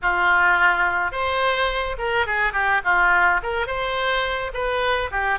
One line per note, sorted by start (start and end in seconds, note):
0.02 1.11 F4
1.11 1.96 C5
1.98 2.26 A#4
2.26 2.53 G#4
2.53 2.81 G4
2.84 3.40 F4
3.42 3.66 A#4
3.66 4.51 C5
4.53 5.10 B4
5.11 5.39 G4